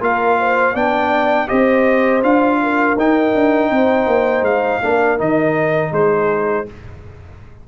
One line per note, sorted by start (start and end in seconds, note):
0.00 0.74 A#3
0.00 0.74 F4
0.00 0.38 A#4
0.00 0.76 F5
0.40 0.73 C5
0.73 1.48 B3
0.73 1.47 D4
0.73 1.48 D5
0.73 1.48 G5
1.47 2.23 C4
1.47 2.21 G4
1.47 2.59 C5
1.47 2.22 D#5
2.22 2.96 D4
2.22 2.96 F4
2.22 2.97 F5
2.62 3.71 A#4
2.96 3.33 D#4
2.96 4.82 D#4
2.96 4.44 G5
3.34 3.70 D4
3.70 4.06 C4
3.70 4.82 C5
4.06 4.42 A#3
4.42 4.79 G#3
4.42 5.18 F5
4.82 5.20 A#3
4.82 5.18 D4
4.82 5.91 A#4
5.18 5.91 D#3
5.18 6.66 D#4
5.18 5.93 D#5
5.91 6.65 G#3
5.91 6.65 G#4
5.91 6.67 C5